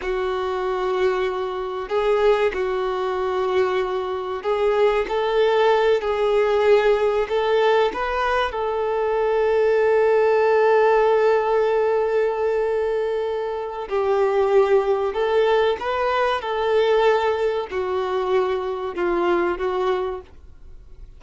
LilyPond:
\new Staff \with { instrumentName = "violin" } { \time 4/4 \tempo 4 = 95 fis'2. gis'4 | fis'2. gis'4 | a'4. gis'2 a'8~ | a'8 b'4 a'2~ a'8~ |
a'1~ | a'2 g'2 | a'4 b'4 a'2 | fis'2 f'4 fis'4 | }